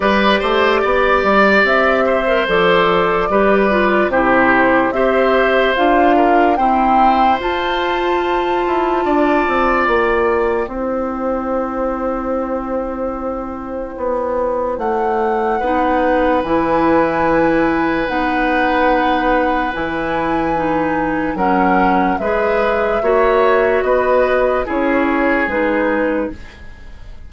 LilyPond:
<<
  \new Staff \with { instrumentName = "flute" } { \time 4/4 \tempo 4 = 73 d''2 e''4 d''4~ | d''4 c''4 e''4 f''4 | g''4 a''2. | g''1~ |
g''2 fis''2 | gis''2 fis''2 | gis''2 fis''4 e''4~ | e''4 dis''4 cis''4 b'4 | }
  \new Staff \with { instrumentName = "oboe" } { \time 4/4 b'8 c''8 d''4. c''4. | b'4 g'4 c''4. ais'8 | c''2. d''4~ | d''4 c''2.~ |
c''2. b'4~ | b'1~ | b'2 ais'4 b'4 | cis''4 b'4 gis'2 | }
  \new Staff \with { instrumentName = "clarinet" } { \time 4/4 g'2~ g'8. ais'16 a'4 | g'8 f'8 e'4 g'4 f'4 | c'4 f'2.~ | f'4 e'2.~ |
e'2. dis'4 | e'2 dis'2 | e'4 dis'4 cis'4 gis'4 | fis'2 e'4 dis'4 | }
  \new Staff \with { instrumentName = "bassoon" } { \time 4/4 g8 a8 b8 g8 c'4 f4 | g4 c4 c'4 d'4 | e'4 f'4. e'8 d'8 c'8 | ais4 c'2.~ |
c'4 b4 a4 b4 | e2 b2 | e2 fis4 gis4 | ais4 b4 cis'4 gis4 | }
>>